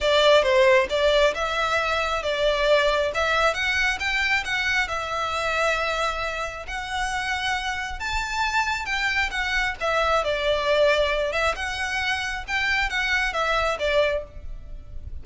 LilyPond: \new Staff \with { instrumentName = "violin" } { \time 4/4 \tempo 4 = 135 d''4 c''4 d''4 e''4~ | e''4 d''2 e''4 | fis''4 g''4 fis''4 e''4~ | e''2. fis''4~ |
fis''2 a''2 | g''4 fis''4 e''4 d''4~ | d''4. e''8 fis''2 | g''4 fis''4 e''4 d''4 | }